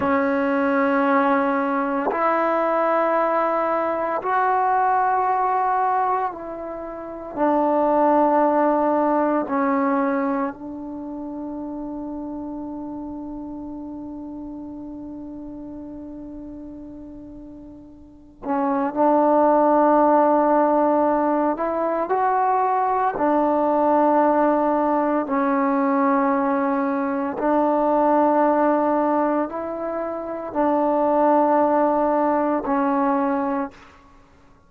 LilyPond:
\new Staff \with { instrumentName = "trombone" } { \time 4/4 \tempo 4 = 57 cis'2 e'2 | fis'2 e'4 d'4~ | d'4 cis'4 d'2~ | d'1~ |
d'4. cis'8 d'2~ | d'8 e'8 fis'4 d'2 | cis'2 d'2 | e'4 d'2 cis'4 | }